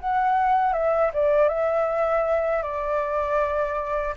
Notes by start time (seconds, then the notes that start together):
0.00 F#5
0.73 E5
1.14 D5
1.49 E5
2.63 D5